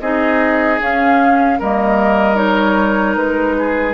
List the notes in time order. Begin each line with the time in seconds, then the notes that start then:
0.00 C4 D#4 G#4 D#5
0.80 C#4 F5
1.59 G3 A#3 A#4 D#5
2.35 D#4 C#5
3.15 G#3 B4
3.58 G#4